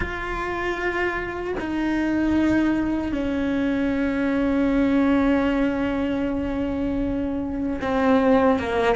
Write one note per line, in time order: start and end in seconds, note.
0.00 1.54 F4
1.59 3.12 D#4
3.12 7.79 C#4
7.81 8.59 C4
8.59 8.95 A#3